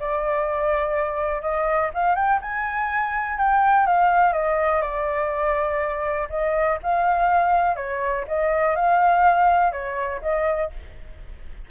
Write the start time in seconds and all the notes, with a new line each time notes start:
0.00 D5
1.42 D#5
1.94 F5
2.16 G5
2.42 G#5
3.39 G5
3.87 F5
4.33 D#5
4.82 D5
6.30 D#5
6.83 F5
7.76 C#5
8.28 D#5
8.76 F5
9.72 C#5
10.22 D#5